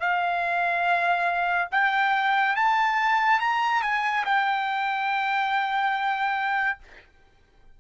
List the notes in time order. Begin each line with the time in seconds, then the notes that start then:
0.00 F5
1.72 G5
2.56 A5
3.40 A#5
3.83 G#5
4.26 G5